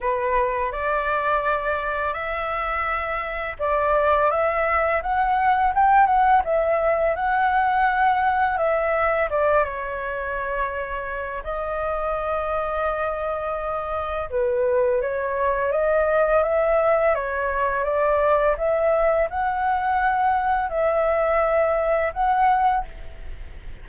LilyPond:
\new Staff \with { instrumentName = "flute" } { \time 4/4 \tempo 4 = 84 b'4 d''2 e''4~ | e''4 d''4 e''4 fis''4 | g''8 fis''8 e''4 fis''2 | e''4 d''8 cis''2~ cis''8 |
dis''1 | b'4 cis''4 dis''4 e''4 | cis''4 d''4 e''4 fis''4~ | fis''4 e''2 fis''4 | }